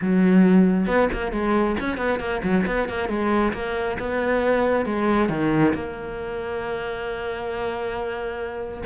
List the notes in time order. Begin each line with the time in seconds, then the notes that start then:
0.01 F#3
0.86 B3
1.12 A#3
1.32 G#3
1.79 C#4
1.97 B3
2.19 A#3
2.43 F#3
2.66 B3
2.88 A#3
3.08 G#3
3.53 A#3
3.99 B3
4.85 G#3
5.29 D#3
5.74 A#3